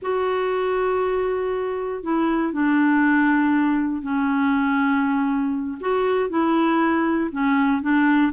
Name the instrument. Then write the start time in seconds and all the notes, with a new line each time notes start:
clarinet
0.02 F#4
2.03 E4
2.52 D4
4.02 C#4
5.80 F#4
6.29 E4
7.31 C#4
7.82 D4